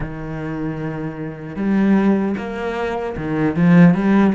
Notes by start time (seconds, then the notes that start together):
0.00 D#3
1.56 G3
2.37 A#3
3.16 D#3
3.55 F3
3.94 G3